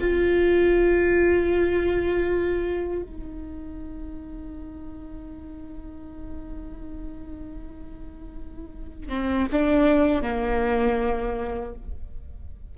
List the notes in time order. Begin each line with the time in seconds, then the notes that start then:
0.00 F4
3.02 D#4
9.09 C4
9.52 D4
10.22 A#3